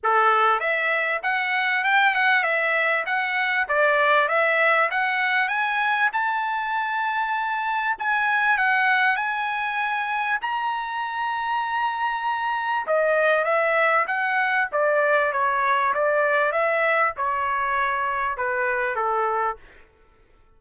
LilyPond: \new Staff \with { instrumentName = "trumpet" } { \time 4/4 \tempo 4 = 98 a'4 e''4 fis''4 g''8 fis''8 | e''4 fis''4 d''4 e''4 | fis''4 gis''4 a''2~ | a''4 gis''4 fis''4 gis''4~ |
gis''4 ais''2.~ | ais''4 dis''4 e''4 fis''4 | d''4 cis''4 d''4 e''4 | cis''2 b'4 a'4 | }